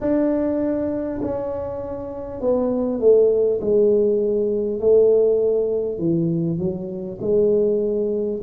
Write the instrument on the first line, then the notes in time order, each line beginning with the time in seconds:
tuba
0.00 D4
1.22 C#4
2.40 B3
3.00 A3
3.60 G#3
4.79 A3
5.98 E3
6.58 F#3
7.21 G#3